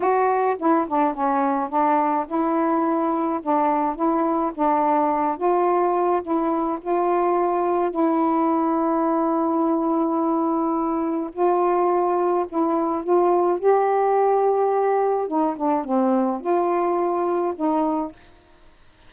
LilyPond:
\new Staff \with { instrumentName = "saxophone" } { \time 4/4 \tempo 4 = 106 fis'4 e'8 d'8 cis'4 d'4 | e'2 d'4 e'4 | d'4. f'4. e'4 | f'2 e'2~ |
e'1 | f'2 e'4 f'4 | g'2. dis'8 d'8 | c'4 f'2 dis'4 | }